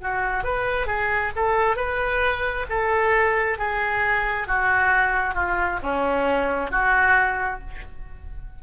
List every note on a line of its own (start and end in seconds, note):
0.00 0.44 F#4
0.44 0.86 B4
0.86 1.31 G#4
1.36 1.76 A4
1.76 2.65 B4
2.69 3.58 A4
3.58 4.47 G#4
4.47 5.34 F#4
5.34 5.79 F4
5.82 6.71 C#4
6.71 7.60 F#4